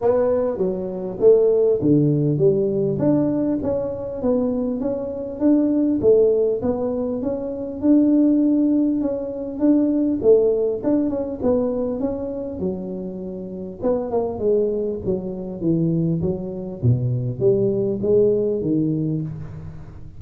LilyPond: \new Staff \with { instrumentName = "tuba" } { \time 4/4 \tempo 4 = 100 b4 fis4 a4 d4 | g4 d'4 cis'4 b4 | cis'4 d'4 a4 b4 | cis'4 d'2 cis'4 |
d'4 a4 d'8 cis'8 b4 | cis'4 fis2 b8 ais8 | gis4 fis4 e4 fis4 | b,4 g4 gis4 dis4 | }